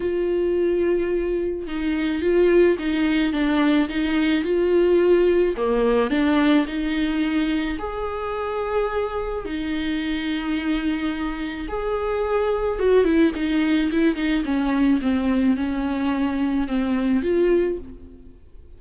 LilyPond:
\new Staff \with { instrumentName = "viola" } { \time 4/4 \tempo 4 = 108 f'2. dis'4 | f'4 dis'4 d'4 dis'4 | f'2 ais4 d'4 | dis'2 gis'2~ |
gis'4 dis'2.~ | dis'4 gis'2 fis'8 e'8 | dis'4 e'8 dis'8 cis'4 c'4 | cis'2 c'4 f'4 | }